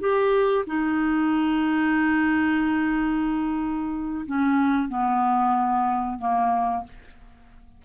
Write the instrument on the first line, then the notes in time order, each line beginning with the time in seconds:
clarinet
0.00 G4
0.67 D#4
4.27 C#4
4.89 B3
6.19 A#3